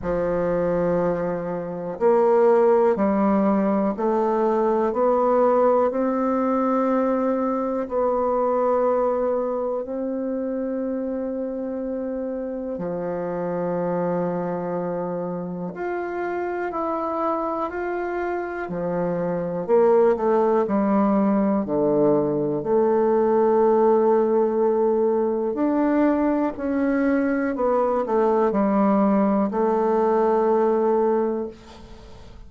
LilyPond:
\new Staff \with { instrumentName = "bassoon" } { \time 4/4 \tempo 4 = 61 f2 ais4 g4 | a4 b4 c'2 | b2 c'2~ | c'4 f2. |
f'4 e'4 f'4 f4 | ais8 a8 g4 d4 a4~ | a2 d'4 cis'4 | b8 a8 g4 a2 | }